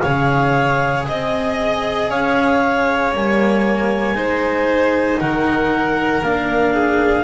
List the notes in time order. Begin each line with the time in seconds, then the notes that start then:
0.00 C#3 G#4 C#5 F5
1.08 C4 D#5
2.10 C#4 C#5 F5
3.12 G3 A#3 G#5
4.13 G#3 D#4 C5
5.20 D#3 A#4 F#5
6.23 A#3 D4 F5
6.74 G#4